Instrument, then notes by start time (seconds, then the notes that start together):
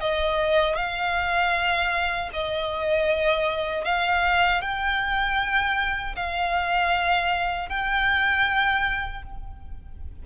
violin
0.00 D#5
0.76 F5
2.33 D#5
3.84 F5
4.61 G5
6.16 F5
7.69 G5